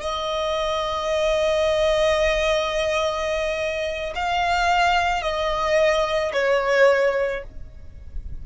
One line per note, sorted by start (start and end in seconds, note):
0.00 4.13 D#5
4.15 5.22 F5
5.22 6.32 D#5
6.33 7.43 C#5